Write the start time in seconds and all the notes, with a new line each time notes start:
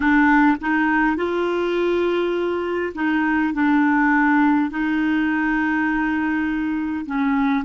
0.00 D4
0.60 D#4
1.16 F4
2.94 D#4
3.53 D4
4.70 D#4
7.06 C#4